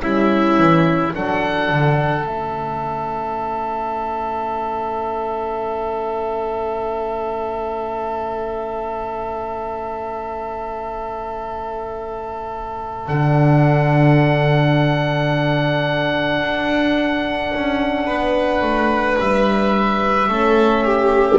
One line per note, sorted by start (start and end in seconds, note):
0.00 0.58 G3
0.00 1.11 C#4
0.00 1.14 E4
0.00 1.13 E5
0.58 1.14 E3
1.14 1.69 F#3
1.14 2.22 D4
1.14 18.06 A4
1.14 2.26 F#5
1.69 2.22 D3
2.22 13.05 A3
2.22 13.06 C#4
2.22 13.08 E5
13.08 16.41 D3
13.08 20.30 D4
13.08 19.19 F#5
16.41 17.52 D4
17.55 18.08 C#4
18.06 18.62 B3
18.06 20.28 B4
18.62 19.17 A3
19.20 20.28 G3
19.20 21.39 E5
20.28 21.39 A3
20.28 21.39 C#4
20.28 20.84 A4
20.84 21.39 G4